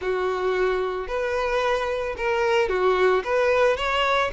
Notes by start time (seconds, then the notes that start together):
0.01 F#4
1.07 B4
2.17 A#4
2.69 F#4
3.23 B4
3.76 C#5